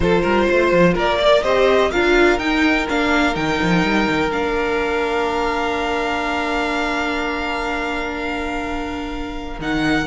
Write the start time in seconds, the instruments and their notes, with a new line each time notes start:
0.00 cello F3, viola F4, violin A4 C5
0.22 cello G3, violin A#4
0.48 cello A3, violin C5
0.72 cello F3
0.93 cello A#3, violin A#4 D5
1.19 viola A#4, violin D5
1.43 cello C4, viola G4, violin C5 D#5
1.91 cello D4, viola F4, violin A#4 F5
2.38 cello D#4, viola D#4, violin G5
2.89 cello A#3, viola D4, violin F5
3.34 cello D#3, viola D#4, violin G5
3.61 cello F3
3.83 cello G3
4.08 cello D#3
4.31 cello A#3, viola D4, violin F5
9.58 cello D#3, viola D#4, violin F#5